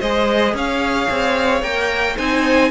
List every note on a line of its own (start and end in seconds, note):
0.00 0.53 G#3
0.00 1.63 G#4
0.00 0.54 C5
0.00 0.54 D#5
0.53 1.07 C#4
0.53 2.16 C#5
0.53 1.63 F5
1.10 1.62 C4
1.62 2.16 A#3
1.62 2.17 A#4
1.62 2.17 G5
2.16 2.70 C4
2.16 2.70 D#4
2.16 2.70 C5
2.16 2.70 G#5